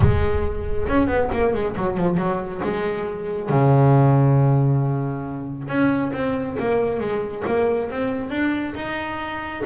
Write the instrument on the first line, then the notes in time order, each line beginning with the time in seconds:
double bass
0.00 G#3
0.88 C#4
1.07 B3
1.32 A#3
1.54 G#3
1.77 F#3
1.97 F3
2.17 F#3
2.63 G#3
3.49 C#3
5.67 C#4
6.12 C4
6.59 A#3
7.00 G#3
7.46 A#3
7.90 C4
8.30 D4
8.74 D#4